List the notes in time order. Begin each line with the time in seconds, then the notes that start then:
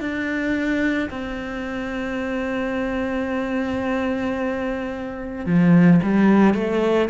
0.00 D4
1.10 C4
5.45 F3
6.03 G3
6.54 A3